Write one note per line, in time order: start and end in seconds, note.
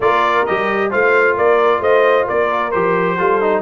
0.00 0.45 A#3
0.00 0.47 F4
0.00 0.90 A#4
0.00 0.46 D5
0.46 0.94 G3
0.46 0.90 G4
0.46 0.91 D#5
0.90 1.37 A3
0.90 2.72 F4
0.90 1.36 C5
0.90 1.37 F5
1.37 1.80 A#3
1.37 1.80 A#4
1.37 1.82 D5
1.80 2.25 A3
1.80 2.26 C5
1.80 2.27 D#5
2.26 2.74 A#3
2.26 3.17 A#4
2.26 2.71 D5
2.71 3.19 F3
2.71 3.18 G4
2.71 3.61 C5
3.18 3.61 G3
3.18 3.41 F4
3.18 3.61 A4
3.41 3.61 D#4